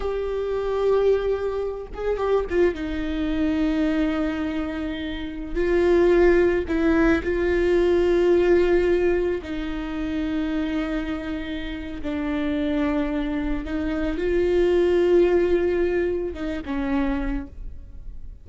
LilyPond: \new Staff \with { instrumentName = "viola" } { \time 4/4 \tempo 4 = 110 g'2.~ g'8 gis'8 | g'8 f'8 dis'2.~ | dis'2~ dis'16 f'4.~ f'16~ | f'16 e'4 f'2~ f'8.~ |
f'4~ f'16 dis'2~ dis'8.~ | dis'2 d'2~ | d'4 dis'4 f'2~ | f'2 dis'8 cis'4. | }